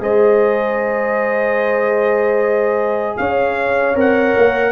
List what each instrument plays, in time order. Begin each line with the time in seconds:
0.00 tuba G#3, trombone G#4, horn C5, trumpet D#5
3.17 tuba C#4, horn C#5, trumpet F5
3.95 tuba C4, trombone A#4, trumpet F#5
4.37 tuba A#3